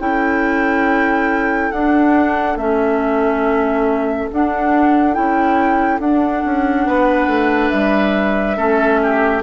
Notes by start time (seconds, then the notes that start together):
0.00 C#4 E4 A4 G5
1.72 D4 F#5
2.57 A3 C#4 E5
4.32 D4 F#5
5.14 C#4 E4 G5
6.00 D4 F#5
6.45 C#4
6.87 B3 B4
7.27 A3
7.70 G3 E5
8.57 A3 C#4 A4
9.03 G4